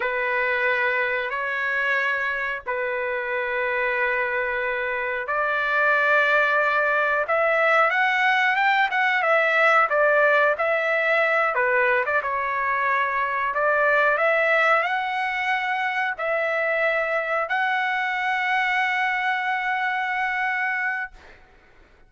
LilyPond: \new Staff \with { instrumentName = "trumpet" } { \time 4/4 \tempo 4 = 91 b'2 cis''2 | b'1 | d''2. e''4 | fis''4 g''8 fis''8 e''4 d''4 |
e''4. b'8. d''16 cis''4.~ | cis''8 d''4 e''4 fis''4.~ | fis''8 e''2 fis''4.~ | fis''1 | }